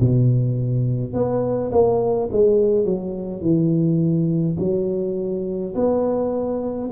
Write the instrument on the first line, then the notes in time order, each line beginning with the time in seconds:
tuba
0.00 B2
1.13 B3
1.72 A#3
2.32 G#3
2.85 F#3
3.41 E3
4.59 F#3
5.75 B3